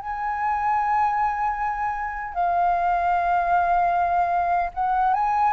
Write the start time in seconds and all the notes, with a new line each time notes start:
0.00 G#5
2.34 F5
4.74 F#5
5.14 G#5